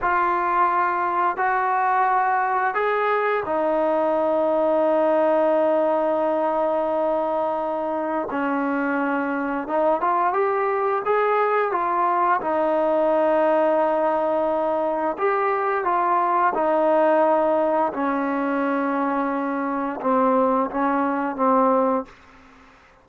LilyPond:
\new Staff \with { instrumentName = "trombone" } { \time 4/4 \tempo 4 = 87 f'2 fis'2 | gis'4 dis'2.~ | dis'1 | cis'2 dis'8 f'8 g'4 |
gis'4 f'4 dis'2~ | dis'2 g'4 f'4 | dis'2 cis'2~ | cis'4 c'4 cis'4 c'4 | }